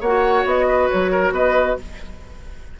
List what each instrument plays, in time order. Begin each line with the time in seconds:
0.00 bassoon A#3, clarinet F#4, oboe C#5, flute F#5
0.44 bassoon B3, flute D#5
0.68 oboe B4
0.89 bassoon F#3, flute C#5
1.11 oboe A#4
1.31 bassoon B3, oboe B4, flute D#5